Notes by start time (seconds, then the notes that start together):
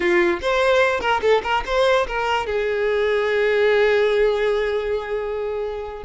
0.00 F4
0.41 C5
1.00 A#4
1.21 A4
1.43 A#4
1.65 C5
2.07 A#4
2.46 G#4